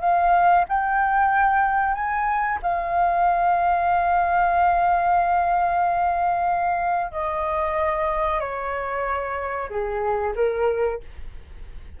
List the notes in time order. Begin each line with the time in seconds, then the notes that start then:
0.00 F5
0.68 G5
1.94 G#5
2.62 F5
7.11 D#5
8.40 C#5
9.69 G#4
10.35 A#4